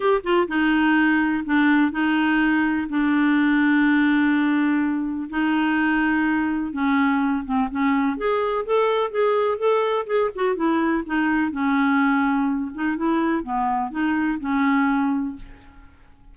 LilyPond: \new Staff \with { instrumentName = "clarinet" } { \time 4/4 \tempo 4 = 125 g'8 f'8 dis'2 d'4 | dis'2 d'2~ | d'2. dis'4~ | dis'2 cis'4. c'8 |
cis'4 gis'4 a'4 gis'4 | a'4 gis'8 fis'8 e'4 dis'4 | cis'2~ cis'8 dis'8 e'4 | b4 dis'4 cis'2 | }